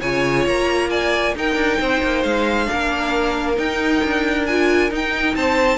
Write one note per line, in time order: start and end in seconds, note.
0.00 0.46 C#3
0.00 1.35 F4
0.00 0.89 C#5
0.00 0.46 G#5
0.46 1.35 A#3
0.46 0.90 A#5
0.90 1.35 D5
0.90 1.34 G#5
1.35 2.65 D#4
1.35 1.55 D#4
1.35 1.80 A#4
1.35 2.23 G5
1.55 1.77 D4
1.80 2.02 C4
1.80 2.69 C5
2.02 2.24 A#3
2.23 2.68 G#3
2.23 3.56 F5
2.65 3.54 D4
2.72 3.58 A#3
2.72 5.36 A#4
3.56 4.45 D#4
3.56 4.02 D#4
3.56 4.46 G5
4.04 4.91 D4
4.46 4.90 F4
4.46 4.90 G#5
4.90 5.78 D#4
4.90 5.35 D#4
4.90 5.36 G5
5.36 5.78 C4
5.36 5.78 C5
5.36 5.78 A5